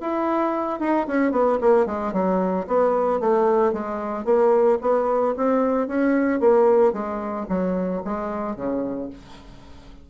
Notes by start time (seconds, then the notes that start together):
0.00 E4
0.79 D#4
1.07 C#4
1.31 B3
1.61 A#3
1.86 G#3
2.13 F#3
2.67 B3
3.20 A3
3.73 G#3
4.25 A#3
4.81 B3
5.37 C4
5.88 C#4
6.40 A#3
6.93 G#3
7.49 F#3
8.04 G#3
8.56 C#3